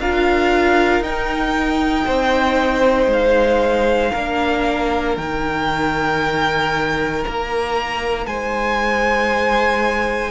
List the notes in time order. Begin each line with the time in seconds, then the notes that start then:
0.00 D4 F4 A#4 F5
1.01 D#4 G5
2.06 C4 C5
3.07 G#3 F5
4.11 A#3 D4 A#4
5.17 D#3 D#4 G5
7.25 A#3 A#5
8.27 G#3 C5 G#5